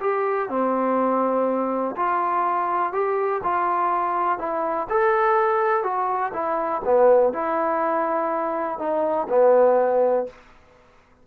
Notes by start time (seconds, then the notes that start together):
0.00 G4
0.48 C4
1.96 F4
2.92 G4
3.43 F4
4.38 E4
4.89 A4
5.83 F#4
6.33 E4
6.84 B3
7.32 E4
8.78 D#4
9.29 B3